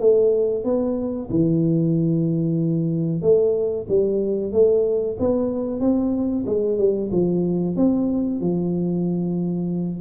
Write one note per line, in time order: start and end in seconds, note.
0.00 0.65 A3
0.65 1.29 B3
1.31 3.22 E3
3.22 3.87 A3
3.89 4.53 G3
4.53 5.17 A3
5.20 5.81 B3
5.81 6.45 C4
6.47 6.79 G#3
6.79 7.11 G3
7.12 7.77 F3
7.77 8.41 C4
8.41 10.01 F3